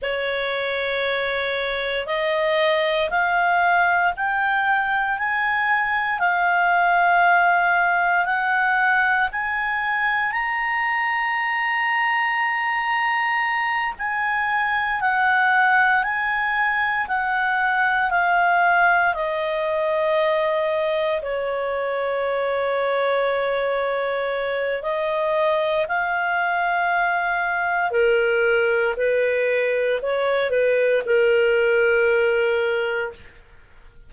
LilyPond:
\new Staff \with { instrumentName = "clarinet" } { \time 4/4 \tempo 4 = 58 cis''2 dis''4 f''4 | g''4 gis''4 f''2 | fis''4 gis''4 ais''2~ | ais''4. gis''4 fis''4 gis''8~ |
gis''8 fis''4 f''4 dis''4.~ | dis''8 cis''2.~ cis''8 | dis''4 f''2 ais'4 | b'4 cis''8 b'8 ais'2 | }